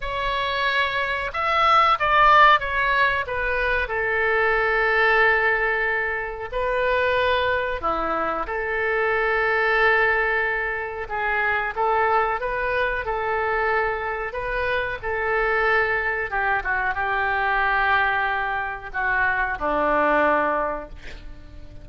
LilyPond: \new Staff \with { instrumentName = "oboe" } { \time 4/4 \tempo 4 = 92 cis''2 e''4 d''4 | cis''4 b'4 a'2~ | a'2 b'2 | e'4 a'2.~ |
a'4 gis'4 a'4 b'4 | a'2 b'4 a'4~ | a'4 g'8 fis'8 g'2~ | g'4 fis'4 d'2 | }